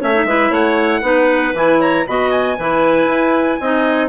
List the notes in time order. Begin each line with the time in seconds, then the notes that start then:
0.00 A3 C#4 C#5 E5
0.14 D#4
0.25 G#3 E4 B4
0.50 A3 C#5 F#5
1.02 B3 D#4 B4
1.54 E3 E4 G#5
1.80 C#5 A#5
2.07 B2 F#4 D#5 B5
2.31 G#5
2.57 E3 E4 B4
3.06 E4
3.60 C4 D#4 D#5